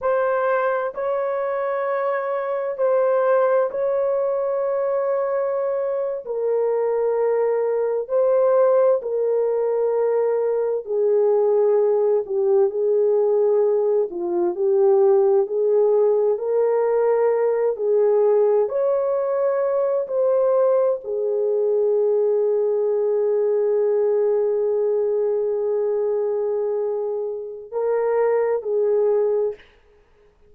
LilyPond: \new Staff \with { instrumentName = "horn" } { \time 4/4 \tempo 4 = 65 c''4 cis''2 c''4 | cis''2~ cis''8. ais'4~ ais'16~ | ais'8. c''4 ais'2 gis'16~ | gis'4~ gis'16 g'8 gis'4. f'8 g'16~ |
g'8. gis'4 ais'4. gis'8.~ | gis'16 cis''4. c''4 gis'4~ gis'16~ | gis'1~ | gis'2 ais'4 gis'4 | }